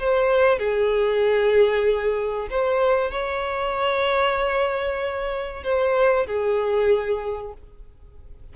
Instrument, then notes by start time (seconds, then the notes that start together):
violin
0.00 C5
0.59 G#4
2.50 C5
3.11 C#5
5.64 C5
6.27 G#4